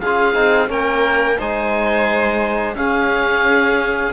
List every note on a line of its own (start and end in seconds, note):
0.00 0.35 C#4
0.00 0.34 F4
0.00 0.70 G#4
0.00 0.69 F5
0.34 0.69 C4
0.34 0.68 D#4
0.68 1.38 A#3
0.68 1.37 C#4
0.68 1.38 A#4
0.68 1.41 G5
1.38 2.75 G#3
1.38 2.76 D#4
1.38 2.76 C5
1.38 2.76 G#5
2.75 4.13 C#4
2.75 4.13 G#4
2.75 4.13 F5